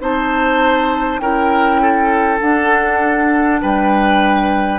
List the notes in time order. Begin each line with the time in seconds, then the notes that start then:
0.00 C4 D#4 C5 A5
1.19 C#4 E4 A#4 G5
1.81 A4
2.40 D4 F#5
3.62 G3 B4 G5